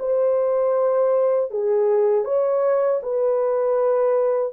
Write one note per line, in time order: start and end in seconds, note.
0.00 1.51 C5
1.51 2.25 G#4
2.25 3.01 C#5
3.03 4.53 B4